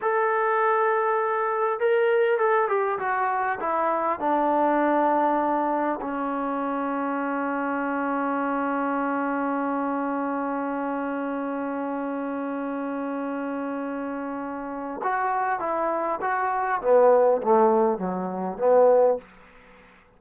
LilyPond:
\new Staff \with { instrumentName = "trombone" } { \time 4/4 \tempo 4 = 100 a'2. ais'4 | a'8 g'8 fis'4 e'4 d'4~ | d'2 cis'2~ | cis'1~ |
cis'1~ | cis'1~ | cis'4 fis'4 e'4 fis'4 | b4 a4 fis4 b4 | }